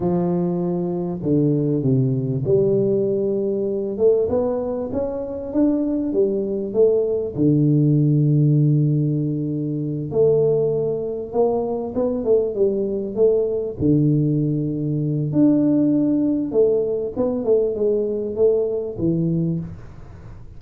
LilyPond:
\new Staff \with { instrumentName = "tuba" } { \time 4/4 \tempo 4 = 98 f2 d4 c4 | g2~ g8 a8 b4 | cis'4 d'4 g4 a4 | d1~ |
d8 a2 ais4 b8 | a8 g4 a4 d4.~ | d4 d'2 a4 | b8 a8 gis4 a4 e4 | }